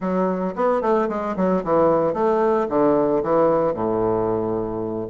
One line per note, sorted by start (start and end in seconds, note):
0.00 0.54 F#3
0.55 0.81 B3
0.81 1.08 A3
1.08 1.35 G#3
1.36 1.63 F#3
1.63 2.13 E3
2.13 2.67 A3
2.69 3.23 D3
3.23 3.73 E3
3.73 5.07 A2